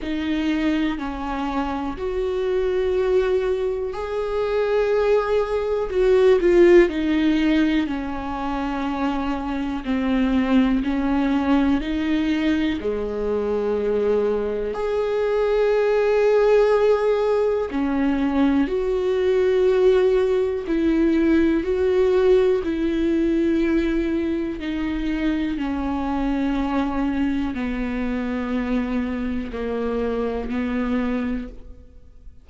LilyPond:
\new Staff \with { instrumentName = "viola" } { \time 4/4 \tempo 4 = 61 dis'4 cis'4 fis'2 | gis'2 fis'8 f'8 dis'4 | cis'2 c'4 cis'4 | dis'4 gis2 gis'4~ |
gis'2 cis'4 fis'4~ | fis'4 e'4 fis'4 e'4~ | e'4 dis'4 cis'2 | b2 ais4 b4 | }